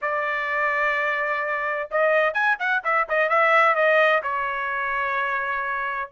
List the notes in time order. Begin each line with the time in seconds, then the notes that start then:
0.01 D5
1.90 D#5
2.33 G#5
2.59 F#5
2.84 E5
3.08 D#5
3.29 E5
3.75 D#5
4.22 C#5